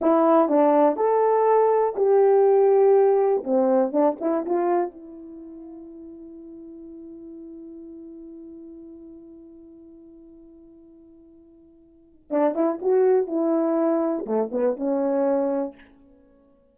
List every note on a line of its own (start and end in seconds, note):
0.01 0.48 E4
0.48 0.96 D4
0.96 1.94 A4
1.96 3.43 G4
3.44 3.91 C4
3.91 4.16 D4
4.20 4.45 E4
4.45 4.90 F4
4.90 12.28 E4
12.30 12.54 D4
12.54 12.79 E4
12.81 13.27 F#4
13.27 14.25 E4
14.26 14.50 A3
14.51 14.76 B3
14.76 15.74 C#4